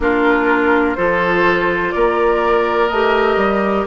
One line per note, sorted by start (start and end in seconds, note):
0.00 0.96 A#3
0.00 0.96 D4
0.00 0.97 F4
0.00 0.95 A#4
0.95 1.94 F3
0.95 2.90 F4
0.95 1.94 A4
0.95 1.91 C5
1.91 2.90 A#3
1.91 3.87 A#4
1.91 2.87 D5
2.87 3.36 A3
2.87 3.87 G4
2.87 3.84 D#5
3.36 3.84 G3